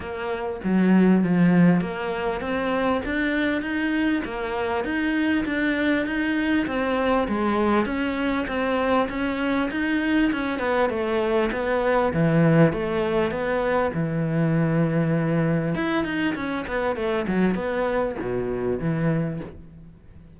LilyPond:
\new Staff \with { instrumentName = "cello" } { \time 4/4 \tempo 4 = 99 ais4 fis4 f4 ais4 | c'4 d'4 dis'4 ais4 | dis'4 d'4 dis'4 c'4 | gis4 cis'4 c'4 cis'4 |
dis'4 cis'8 b8 a4 b4 | e4 a4 b4 e4~ | e2 e'8 dis'8 cis'8 b8 | a8 fis8 b4 b,4 e4 | }